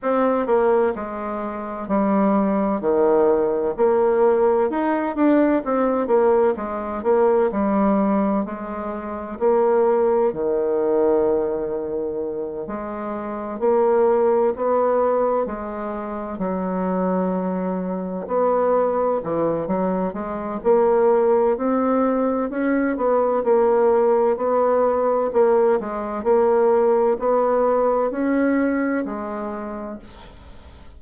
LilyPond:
\new Staff \with { instrumentName = "bassoon" } { \time 4/4 \tempo 4 = 64 c'8 ais8 gis4 g4 dis4 | ais4 dis'8 d'8 c'8 ais8 gis8 ais8 | g4 gis4 ais4 dis4~ | dis4. gis4 ais4 b8~ |
b8 gis4 fis2 b8~ | b8 e8 fis8 gis8 ais4 c'4 | cis'8 b8 ais4 b4 ais8 gis8 | ais4 b4 cis'4 gis4 | }